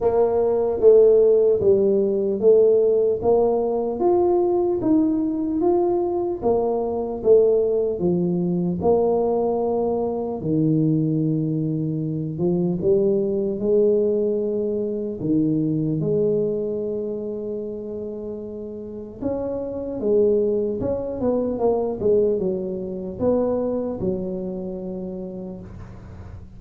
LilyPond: \new Staff \with { instrumentName = "tuba" } { \time 4/4 \tempo 4 = 75 ais4 a4 g4 a4 | ais4 f'4 dis'4 f'4 | ais4 a4 f4 ais4~ | ais4 dis2~ dis8 f8 |
g4 gis2 dis4 | gis1 | cis'4 gis4 cis'8 b8 ais8 gis8 | fis4 b4 fis2 | }